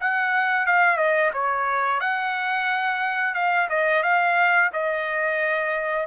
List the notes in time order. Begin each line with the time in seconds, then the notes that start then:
0.00 F#5
0.66 F5
0.97 D#5
1.33 C#5
2.00 F#5
3.34 F5
3.69 D#5
4.03 F5
4.73 D#5